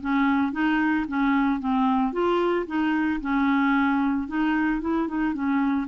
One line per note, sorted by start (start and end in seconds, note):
0.00 0.52 C#4
0.52 1.05 D#4
1.07 1.59 C#4
1.59 2.12 C4
2.12 2.66 F4
2.66 3.20 D#4
3.20 4.27 C#4
4.27 4.80 D#4
4.80 5.07 E4
5.07 5.34 D#4
5.34 5.87 C#4